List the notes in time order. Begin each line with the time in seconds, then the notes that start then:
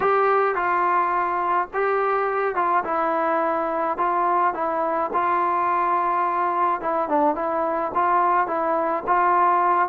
0.00 G4
0.55 F4
1.73 G4
2.55 F4
2.84 E4
3.97 F4
4.54 E4
5.13 F4
6.81 E4
7.08 D4
7.35 E4
7.94 F4
8.47 E4
9.06 F4